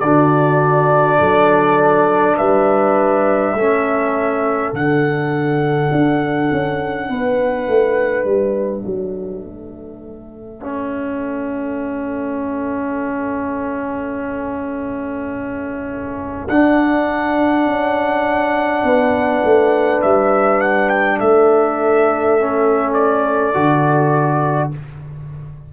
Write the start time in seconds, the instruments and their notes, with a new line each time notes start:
0.00 tuba D3, trombone D4, horn F#4, trumpet D5
1.19 tuba F#3, horn A4
2.37 tuba G3, horn B4, trumpet E5
3.54 tuba A3, trombone C#4, horn A4
4.73 tuba D3, trombone D4, trumpet F#5
5.92 tuba D4
6.52 tuba C#4
7.09 tuba B3, horn B4
7.68 tuba A3
8.25 tuba G3, trumpet E5
8.84 tuba F#3, horn A4
9.44 tuba A3
10.61 trombone C#4
16.49 tuba D4, trombone D4, trumpet F#5
17.66 tuba C#4
18.84 tuba B3, horn B4
19.44 tuba A3
20.02 tuba G3, trumpet E5
20.61 trumpet F#5
20.89 trumpet G5
21.19 tuba A3, horn A4, trumpet E5
22.40 trombone C#4
22.94 trumpet D5
23.54 tuba D3, trombone F#4